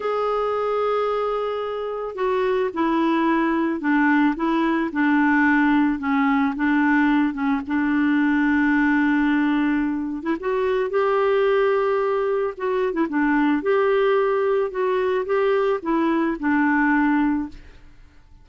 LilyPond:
\new Staff \with { instrumentName = "clarinet" } { \time 4/4 \tempo 4 = 110 gis'1 | fis'4 e'2 d'4 | e'4 d'2 cis'4 | d'4. cis'8 d'2~ |
d'2~ d'8. e'16 fis'4 | g'2. fis'8. e'16 | d'4 g'2 fis'4 | g'4 e'4 d'2 | }